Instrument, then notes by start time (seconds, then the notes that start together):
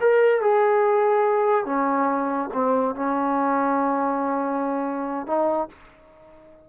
trombone
0.00 A#4
0.41 G#4
1.65 C#4
2.53 C4
2.95 C#4
5.26 D#4